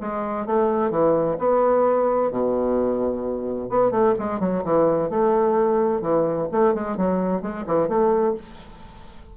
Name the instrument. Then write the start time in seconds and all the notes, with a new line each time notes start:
bassoon
0.00 G#3
0.46 A3
0.90 E3
1.38 B3
2.31 B2
3.69 B3
3.91 A3
4.18 G#3
4.39 F#3
4.64 E3
5.10 A3
6.01 E3
6.52 A3
6.74 G#3
6.97 F#3
7.41 G#3
7.66 E3
7.88 A3